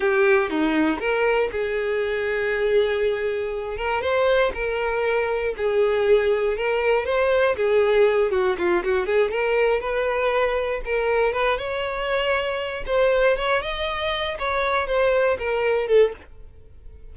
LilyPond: \new Staff \with { instrumentName = "violin" } { \time 4/4 \tempo 4 = 119 g'4 dis'4 ais'4 gis'4~ | gis'2.~ gis'8 ais'8 | c''4 ais'2 gis'4~ | gis'4 ais'4 c''4 gis'4~ |
gis'8 fis'8 f'8 fis'8 gis'8 ais'4 b'8~ | b'4. ais'4 b'8 cis''4~ | cis''4. c''4 cis''8 dis''4~ | dis''8 cis''4 c''4 ais'4 a'8 | }